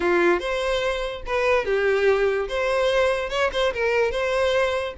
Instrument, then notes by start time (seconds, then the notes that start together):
violin
0.00 F4
0.39 C5
1.26 B4
1.65 G4
2.48 C5
3.29 C#5
3.52 C5
3.73 A#4
4.11 C5